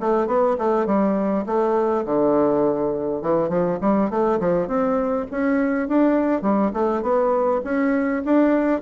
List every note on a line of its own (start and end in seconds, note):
0.00 0.27 A3
0.27 0.56 B3
0.58 0.86 A3
0.86 1.45 G3
1.46 2.05 A3
2.05 3.21 D3
3.21 3.49 E3
3.49 3.78 F3
3.81 4.10 G3
4.10 4.39 A3
4.39 4.67 F3
4.67 5.26 C4
5.30 5.88 C#4
5.88 6.42 D4
6.42 6.71 G3
6.73 7.02 A3
7.02 7.61 B3
7.64 8.23 C#4
8.24 8.81 D4